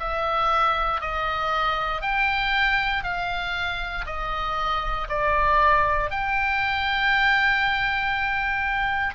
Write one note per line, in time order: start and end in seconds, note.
0.00 1.01 E5
1.01 2.02 D#5
2.02 3.04 G5
3.04 4.06 F5
4.06 5.08 D#5
5.09 6.11 D5
6.11 9.15 G5